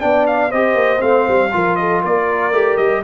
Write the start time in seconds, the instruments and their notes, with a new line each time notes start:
0.00 tuba B3, trombone D4, horn D5, trumpet G5
0.27 trumpet F5
0.50 tuba C4, trombone G4, horn C5, trumpet D#5
0.75 tuba A#3
0.99 tuba A3, trombone C4, trumpet F5
1.28 tuba G3
1.52 tuba F3, trombone F4, horn A#4
1.76 horn A4, trumpet D#5
2.02 tuba A#3, horn A#4, trumpet D5
2.52 tuba A3, trombone G4
2.77 tuba G3, trumpet D#5